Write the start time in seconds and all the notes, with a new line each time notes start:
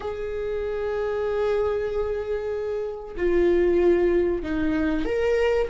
0.00 G#4
3.17 F4
4.42 D#4
5.05 A#4